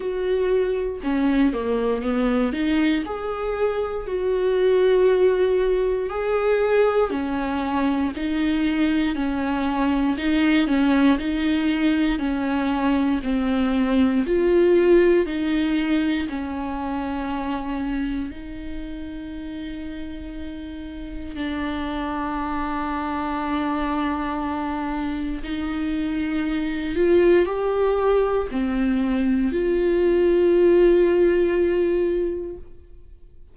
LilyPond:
\new Staff \with { instrumentName = "viola" } { \time 4/4 \tempo 4 = 59 fis'4 cis'8 ais8 b8 dis'8 gis'4 | fis'2 gis'4 cis'4 | dis'4 cis'4 dis'8 cis'8 dis'4 | cis'4 c'4 f'4 dis'4 |
cis'2 dis'2~ | dis'4 d'2.~ | d'4 dis'4. f'8 g'4 | c'4 f'2. | }